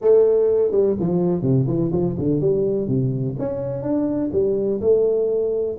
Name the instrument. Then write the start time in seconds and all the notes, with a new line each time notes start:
tuba
0.01 A3
0.71 G3
0.99 F3
1.42 C3
1.67 E3
1.92 F3
2.18 D3
2.40 G3
2.87 C3
3.38 C#4
3.82 D4
4.32 G3
4.81 A3